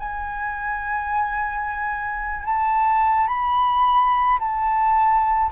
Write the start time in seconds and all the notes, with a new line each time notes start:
0.00 G#5
2.45 A5
3.28 B5
4.40 A5